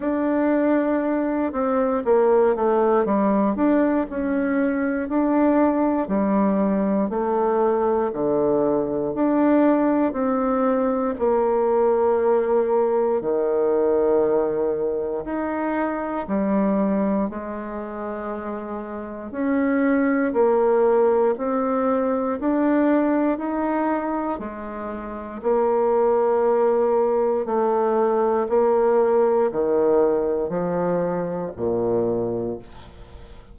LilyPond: \new Staff \with { instrumentName = "bassoon" } { \time 4/4 \tempo 4 = 59 d'4. c'8 ais8 a8 g8 d'8 | cis'4 d'4 g4 a4 | d4 d'4 c'4 ais4~ | ais4 dis2 dis'4 |
g4 gis2 cis'4 | ais4 c'4 d'4 dis'4 | gis4 ais2 a4 | ais4 dis4 f4 ais,4 | }